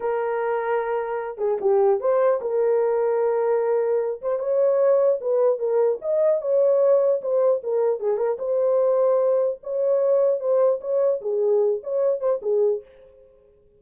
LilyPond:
\new Staff \with { instrumentName = "horn" } { \time 4/4 \tempo 4 = 150 ais'2.~ ais'8 gis'8 | g'4 c''4 ais'2~ | ais'2~ ais'8 c''8 cis''4~ | cis''4 b'4 ais'4 dis''4 |
cis''2 c''4 ais'4 | gis'8 ais'8 c''2. | cis''2 c''4 cis''4 | gis'4. cis''4 c''8 gis'4 | }